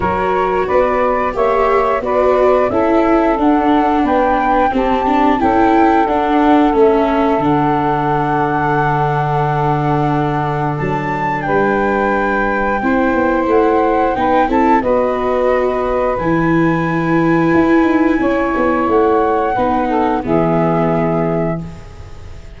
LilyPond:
<<
  \new Staff \with { instrumentName = "flute" } { \time 4/4 \tempo 4 = 89 cis''4 d''4 e''4 d''4 | e''4 fis''4 g''4 a''4 | g''4 fis''4 e''4 fis''4~ | fis''1 |
a''4 g''2. | fis''4 g''8 a''8 dis''2 | gis''1 | fis''2 e''2 | }
  \new Staff \with { instrumentName = "saxophone" } { \time 4/4 ais'4 b'4 cis''4 b'4 | a'2 b'4 g'4 | a'1~ | a'1~ |
a'4 b'2 c''4~ | c''4 b'8 a'8 b'2~ | b'2. cis''4~ | cis''4 b'8 a'8 gis'2 | }
  \new Staff \with { instrumentName = "viola" } { \time 4/4 fis'2 g'4 fis'4 | e'4 d'2 c'8 d'8 | e'4 d'4 cis'4 d'4~ | d'1~ |
d'2. e'4~ | e'4 dis'8 e'8 fis'2 | e'1~ | e'4 dis'4 b2 | }
  \new Staff \with { instrumentName = "tuba" } { \time 4/4 fis4 b4 ais4 b4 | cis'4 d'4 b4 c'4 | cis'4 d'4 a4 d4~ | d1 |
fis4 g2 c'8 b8 | a4 b8 c'8 b2 | e2 e'8 dis'8 cis'8 b8 | a4 b4 e2 | }
>>